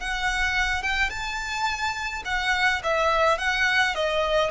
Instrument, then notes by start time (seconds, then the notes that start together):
violin
0.00 F#5
0.83 G5
1.10 A5
2.25 F#5
2.84 E5
3.38 F#5
3.95 D#5